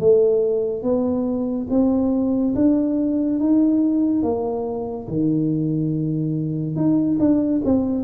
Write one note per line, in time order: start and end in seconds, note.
0.00 0.83 A3
0.83 1.67 B3
1.71 2.55 C4
2.55 3.40 D4
3.40 4.23 D#4
4.23 5.08 A#3
5.08 6.76 D#3
6.76 7.18 D#4
7.20 7.62 D4
7.65 8.05 C4